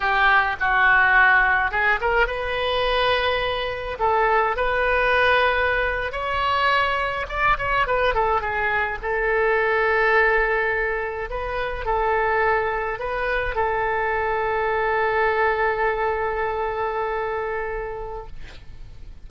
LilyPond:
\new Staff \with { instrumentName = "oboe" } { \time 4/4 \tempo 4 = 105 g'4 fis'2 gis'8 ais'8 | b'2. a'4 | b'2~ b'8. cis''4~ cis''16~ | cis''8. d''8 cis''8 b'8 a'8 gis'4 a'16~ |
a'2.~ a'8. b'16~ | b'8. a'2 b'4 a'16~ | a'1~ | a'1 | }